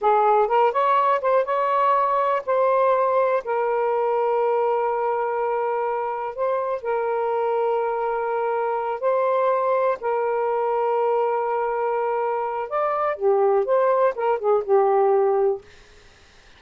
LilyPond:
\new Staff \with { instrumentName = "saxophone" } { \time 4/4 \tempo 4 = 123 gis'4 ais'8 cis''4 c''8 cis''4~ | cis''4 c''2 ais'4~ | ais'1~ | ais'4 c''4 ais'2~ |
ais'2~ ais'8 c''4.~ | c''8 ais'2.~ ais'8~ | ais'2 d''4 g'4 | c''4 ais'8 gis'8 g'2 | }